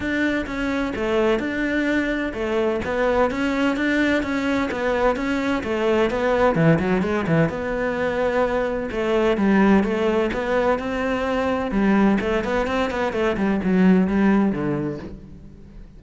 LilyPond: \new Staff \with { instrumentName = "cello" } { \time 4/4 \tempo 4 = 128 d'4 cis'4 a4 d'4~ | d'4 a4 b4 cis'4 | d'4 cis'4 b4 cis'4 | a4 b4 e8 fis8 gis8 e8 |
b2. a4 | g4 a4 b4 c'4~ | c'4 g4 a8 b8 c'8 b8 | a8 g8 fis4 g4 d4 | }